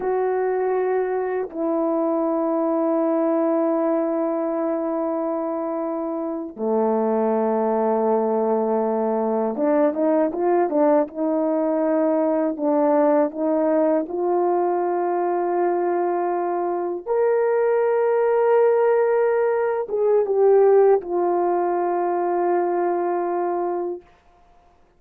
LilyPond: \new Staff \with { instrumentName = "horn" } { \time 4/4 \tempo 4 = 80 fis'2 e'2~ | e'1~ | e'8. a2.~ a16~ | a8. d'8 dis'8 f'8 d'8 dis'4~ dis'16~ |
dis'8. d'4 dis'4 f'4~ f'16~ | f'2~ f'8. ais'4~ ais'16~ | ais'2~ ais'8 gis'8 g'4 | f'1 | }